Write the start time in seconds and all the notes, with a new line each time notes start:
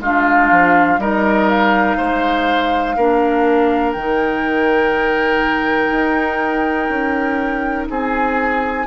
0.00 G#3 D4 F4 F5
0.50 F3
0.98 G3 D#4 A#4 D#5
1.49 F5
1.97 G#3 C5
2.96 A#3 D4 A#4
3.92 D#3 D#4 G5
5.91 D#4
6.89 C#4
7.89 C4 G#4 G#5